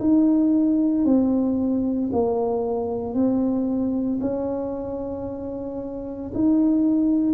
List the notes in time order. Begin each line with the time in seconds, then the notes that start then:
0.00 D#4
1.05 C4
2.13 A#3
3.14 C4
4.22 C#4
6.34 D#4